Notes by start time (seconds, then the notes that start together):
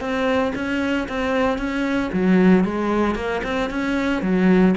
0.00 C4
0.55 C#4
1.08 C4
1.58 C#4
2.13 F#3
2.64 G#3
3.15 A#3
3.44 C4
3.70 C#4
4.22 F#3